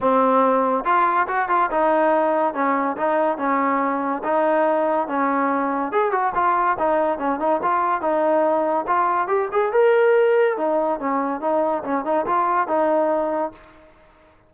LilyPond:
\new Staff \with { instrumentName = "trombone" } { \time 4/4 \tempo 4 = 142 c'2 f'4 fis'8 f'8 | dis'2 cis'4 dis'4 | cis'2 dis'2 | cis'2 gis'8 fis'8 f'4 |
dis'4 cis'8 dis'8 f'4 dis'4~ | dis'4 f'4 g'8 gis'8 ais'4~ | ais'4 dis'4 cis'4 dis'4 | cis'8 dis'8 f'4 dis'2 | }